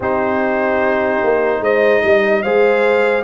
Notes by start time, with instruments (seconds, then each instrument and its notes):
0.00 tuba C4, trombone D#4, horn G4, trumpet C5
1.23 tuba A#3
1.60 tuba G#3, horn C5, trumpet D#5
2.03 tuba G3, horn D#5
2.42 tuba G#3, trombone G#4, horn C5, trumpet F5